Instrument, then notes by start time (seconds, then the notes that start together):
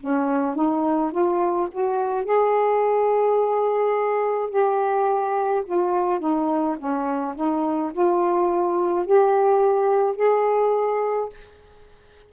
saxophone
0.00 C#4
0.55 D#4
1.12 F4
1.72 F#4
2.25 G#4
4.50 G4
5.66 F4
6.20 D#4
6.78 C#4
7.35 D#4
7.93 F4
9.06 G4
10.16 G#4